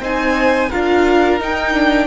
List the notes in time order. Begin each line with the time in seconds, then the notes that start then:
0.00 C4 D#4 C5 G#5
0.69 D4 F4 A#4 F5
1.40 D#4 G5
1.74 D4